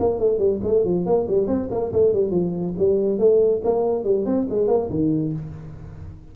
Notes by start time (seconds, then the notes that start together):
0.00 A#3
0.19 A3
0.39 G3
0.64 A3
0.85 F3
1.06 A#3
1.28 G3
1.48 C4
1.71 A#3
1.92 A3
2.14 G3
2.31 F3
2.79 G3
3.19 A3
3.64 A#3
4.04 G3
4.26 C4
4.50 G#3
4.68 A#3
4.90 D#3